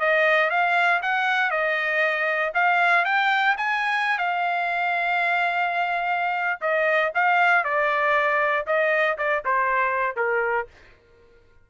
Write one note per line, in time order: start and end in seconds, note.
0.00 0.50 D#5
0.50 1.01 F5
1.03 1.51 F#5
1.51 2.52 D#5
2.54 3.05 F5
3.05 3.56 G5
3.58 4.18 G#5
4.18 6.60 F5
6.61 7.12 D#5
7.15 7.65 F5
7.65 8.66 D5
8.67 9.18 D#5
9.18 9.43 D5
9.45 10.16 C5
10.16 10.67 A#4